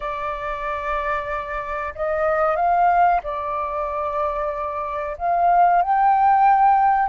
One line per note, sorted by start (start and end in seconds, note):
0.00 1.94 D5
1.94 2.56 D#5
2.56 3.20 F5
3.23 5.16 D5
5.18 5.82 F5
5.82 7.09 G5